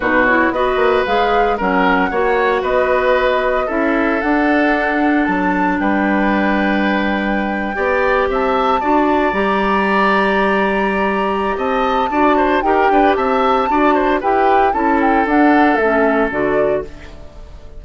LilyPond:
<<
  \new Staff \with { instrumentName = "flute" } { \time 4/4 \tempo 4 = 114 b'8 cis''8 dis''4 f''4 fis''4~ | fis''4 dis''2 e''4 | fis''2 a''4 g''4~ | g''2.~ g''8. a''16~ |
a''4.~ a''16 ais''2~ ais''16~ | ais''2 a''2 | g''4 a''2 g''4 | a''8 g''8 fis''4 e''4 d''4 | }
  \new Staff \with { instrumentName = "oboe" } { \time 4/4 fis'4 b'2 ais'4 | cis''4 b'2 a'4~ | a'2. b'4~ | b'2~ b'8. d''4 e''16~ |
e''8. d''2.~ d''16~ | d''2 dis''4 d''8 c''8 | ais'8 b'8 e''4 d''8 c''8 b'4 | a'1 | }
  \new Staff \with { instrumentName = "clarinet" } { \time 4/4 dis'8 e'8 fis'4 gis'4 cis'4 | fis'2. e'4 | d'1~ | d'2~ d'8. g'4~ g'16~ |
g'8. fis'4 g'2~ g'16~ | g'2. fis'4 | g'2 fis'4 g'4 | e'4 d'4 cis'4 fis'4 | }
  \new Staff \with { instrumentName = "bassoon" } { \time 4/4 b,4 b8 ais8 gis4 fis4 | ais4 b2 cis'4 | d'2 fis4 g4~ | g2~ g8. b4 c'16~ |
c'8. d'4 g2~ g16~ | g2 c'4 d'4 | dis'8 d'8 c'4 d'4 e'4 | cis'4 d'4 a4 d4 | }
>>